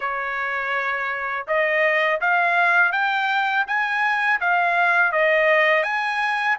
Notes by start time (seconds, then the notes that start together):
0.00 C#5
1.47 D#5
2.20 F5
2.92 G5
3.67 G#5
4.40 F5
5.12 D#5
5.83 G#5